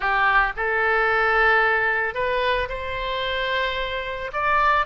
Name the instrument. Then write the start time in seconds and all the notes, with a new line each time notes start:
oboe
0.00 G4
0.56 A4
2.14 B4
2.69 C5
4.32 D5